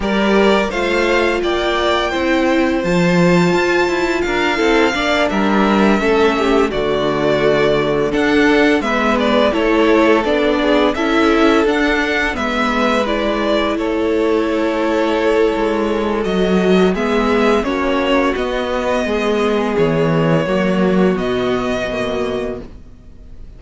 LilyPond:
<<
  \new Staff \with { instrumentName = "violin" } { \time 4/4 \tempo 4 = 85 d''4 f''4 g''2 | a''2 f''4. e''8~ | e''4. d''2 fis''8~ | fis''8 e''8 d''8 cis''4 d''4 e''8~ |
e''8 fis''4 e''4 d''4 cis''8~ | cis''2. dis''4 | e''4 cis''4 dis''2 | cis''2 dis''2 | }
  \new Staff \with { instrumentName = "violin" } { \time 4/4 ais'4 c''4 d''4 c''4~ | c''2 ais'8 a'8 d''8 ais'8~ | ais'8 a'8 g'8 fis'2 a'8~ | a'8 b'4 a'4. gis'8 a'8~ |
a'4. b'2 a'8~ | a'1 | gis'4 fis'2 gis'4~ | gis'4 fis'2. | }
  \new Staff \with { instrumentName = "viola" } { \time 4/4 g'4 f'2 e'4 | f'2~ f'8 e'8 d'4~ | d'8 cis'4 a2 d'8~ | d'8 b4 e'4 d'4 e'8~ |
e'8 d'4 b4 e'4.~ | e'2. fis'4 | b4 cis'4 b2~ | b4 ais4 b4 ais4 | }
  \new Staff \with { instrumentName = "cello" } { \time 4/4 g4 a4 ais4 c'4 | f4 f'8 e'8 d'8 c'8 ais8 g8~ | g8 a4 d2 d'8~ | d'8 gis4 a4 b4 cis'8~ |
cis'8 d'4 gis2 a8~ | a2 gis4 fis4 | gis4 ais4 b4 gis4 | e4 fis4 b,2 | }
>>